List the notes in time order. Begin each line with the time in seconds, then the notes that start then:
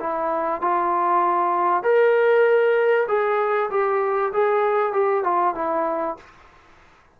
0.00 E4
0.61 F4
1.83 A#4
3.08 G#4
3.70 G4
4.33 G#4
4.93 G4
5.24 F4
5.55 E4